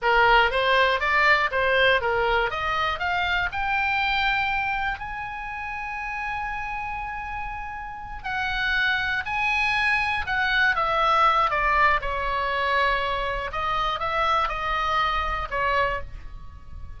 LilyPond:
\new Staff \with { instrumentName = "oboe" } { \time 4/4 \tempo 4 = 120 ais'4 c''4 d''4 c''4 | ais'4 dis''4 f''4 g''4~ | g''2 gis''2~ | gis''1~ |
gis''8 fis''2 gis''4.~ | gis''8 fis''4 e''4. d''4 | cis''2. dis''4 | e''4 dis''2 cis''4 | }